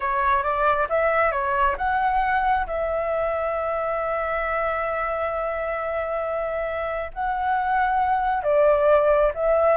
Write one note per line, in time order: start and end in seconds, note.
0.00 0.43 C#5
0.43 0.87 D5
0.89 1.31 E5
1.31 1.76 C#5
1.77 2.66 F#5
2.66 7.11 E5
7.13 8.43 F#5
8.43 9.32 D5
9.34 9.76 E5